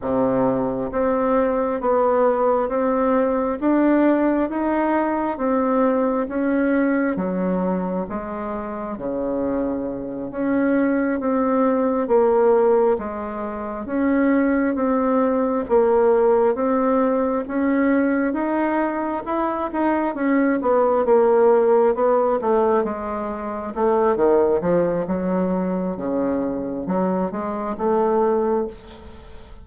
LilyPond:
\new Staff \with { instrumentName = "bassoon" } { \time 4/4 \tempo 4 = 67 c4 c'4 b4 c'4 | d'4 dis'4 c'4 cis'4 | fis4 gis4 cis4. cis'8~ | cis'8 c'4 ais4 gis4 cis'8~ |
cis'8 c'4 ais4 c'4 cis'8~ | cis'8 dis'4 e'8 dis'8 cis'8 b8 ais8~ | ais8 b8 a8 gis4 a8 dis8 f8 | fis4 cis4 fis8 gis8 a4 | }